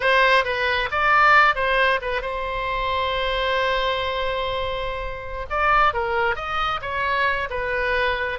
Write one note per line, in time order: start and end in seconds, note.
0.00 0.44 C5
0.44 0.89 B4
0.91 1.55 D5
1.55 1.99 C5
2.01 2.21 B4
2.21 5.46 C5
5.50 5.93 D5
5.93 6.35 A#4
6.35 6.80 D#5
6.81 7.48 C#5
7.49 8.39 B4